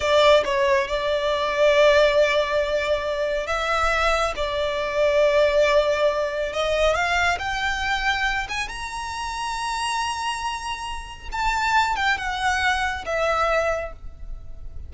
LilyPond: \new Staff \with { instrumentName = "violin" } { \time 4/4 \tempo 4 = 138 d''4 cis''4 d''2~ | d''1 | e''2 d''2~ | d''2. dis''4 |
f''4 g''2~ g''8 gis''8 | ais''1~ | ais''2 a''4. g''8 | fis''2 e''2 | }